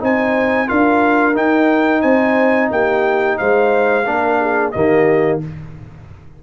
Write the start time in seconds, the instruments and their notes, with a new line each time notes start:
0.00 tuba C4, trombone D#4, horn C5, trumpet G#5
0.67 tuba D4, trombone F4, horn A#4, trumpet F5
1.34 trombone D#4, tuba D#4, trumpet G5
2.02 tuba C4, horn C5, trumpet G#5
2.71 tuba A#3, horn G4, trumpet G5
3.38 tuba G#3, horn C5, trumpet F5
4.05 tuba A#3, trombone D4, horn A#4
4.40 horn G#4
4.72 tuba D#3, trombone A#3, horn G4, trumpet D#5